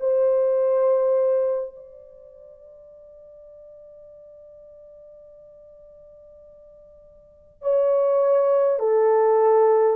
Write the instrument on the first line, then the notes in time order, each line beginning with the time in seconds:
horn
0.00 C5
1.76 D5
7.62 C#5
8.79 A4